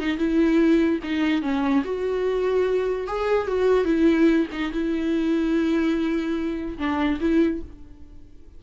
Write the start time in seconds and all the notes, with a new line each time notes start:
0.00 D#4
0.18 E4
1.04 D#4
1.43 C#4
1.85 F#4
3.07 G#4
3.48 F#4
3.85 E4
4.52 D#4
4.72 E4
6.79 D4
7.21 E4